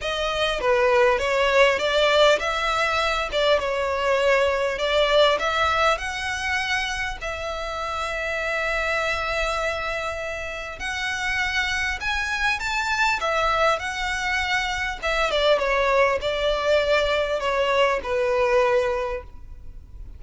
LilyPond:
\new Staff \with { instrumentName = "violin" } { \time 4/4 \tempo 4 = 100 dis''4 b'4 cis''4 d''4 | e''4. d''8 cis''2 | d''4 e''4 fis''2 | e''1~ |
e''2 fis''2 | gis''4 a''4 e''4 fis''4~ | fis''4 e''8 d''8 cis''4 d''4~ | d''4 cis''4 b'2 | }